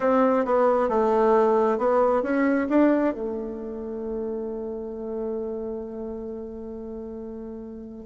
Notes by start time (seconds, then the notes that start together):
0.00 C4
0.45 B3
0.88 A3
1.78 B3
2.22 C#4
2.69 D4
3.14 A3